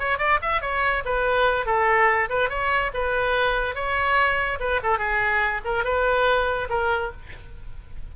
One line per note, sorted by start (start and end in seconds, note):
0.00 0.19 C#5
0.19 0.40 D5
0.42 0.62 E5
0.62 1.04 C#5
1.05 1.66 B4
1.66 2.29 A4
2.30 2.50 B4
2.50 2.92 C#5
2.94 3.75 B4
3.75 4.59 C#5
4.60 4.81 B4
4.84 4.99 A4
4.99 5.62 G#4
5.65 5.85 A#4
5.85 6.69 B4
6.70 7.12 A#4